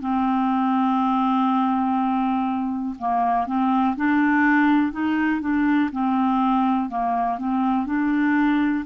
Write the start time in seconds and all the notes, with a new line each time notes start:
0.00 C4
2.98 A#3
3.46 C4
3.96 D4
4.92 D#4
5.41 D4
5.92 C4
6.89 A#3
7.38 C4
7.86 D4